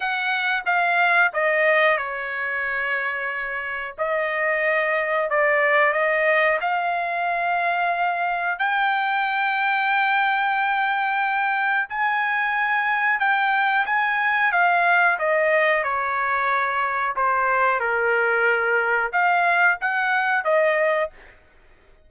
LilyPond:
\new Staff \with { instrumentName = "trumpet" } { \time 4/4 \tempo 4 = 91 fis''4 f''4 dis''4 cis''4~ | cis''2 dis''2 | d''4 dis''4 f''2~ | f''4 g''2.~ |
g''2 gis''2 | g''4 gis''4 f''4 dis''4 | cis''2 c''4 ais'4~ | ais'4 f''4 fis''4 dis''4 | }